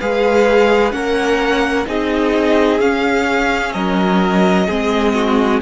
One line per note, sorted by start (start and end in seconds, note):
0.00 0.92 G#3
0.00 0.91 G#4
0.00 0.94 B4
0.00 0.91 F5
0.91 1.86 A#3
0.91 1.85 C#4
0.91 1.87 A#4
0.91 1.85 F#5
1.86 2.80 C4
1.86 2.80 D#4
1.86 3.73 G#4
1.86 2.80 D#5
2.80 4.67 C#4
2.80 3.74 C#4
2.80 3.72 F5
3.72 4.68 F#3
3.72 4.67 A#4
3.72 5.60 D#5
4.67 5.62 G#3
4.67 5.62 C4
4.67 5.14 G#4
5.14 5.61 F#4